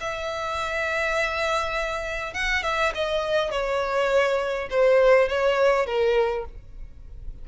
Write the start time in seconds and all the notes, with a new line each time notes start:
0.00 E5
2.33 F#5
2.63 E5
2.94 D#5
3.51 C#5
4.70 C5
5.28 C#5
5.86 A#4